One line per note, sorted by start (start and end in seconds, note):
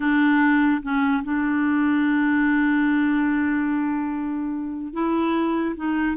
0.00 0.81 D4
0.82 1.23 C#4
1.23 4.93 D4
4.93 5.75 E4
5.76 6.16 D#4